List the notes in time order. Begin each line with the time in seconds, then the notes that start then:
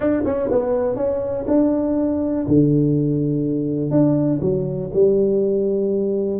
0.00 D4
0.25 C#4
0.51 B3
0.96 C#4
1.47 D4
2.47 D3
3.91 D4
4.41 F#3
4.93 G3